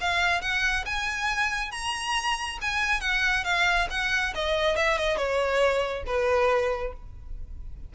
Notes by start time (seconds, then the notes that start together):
0.00 F5
0.41 F#5
0.85 G#5
1.71 A#5
2.61 G#5
3.00 F#5
3.44 F5
3.90 F#5
4.34 D#5
4.76 E5
4.97 D#5
5.16 C#5
6.06 B4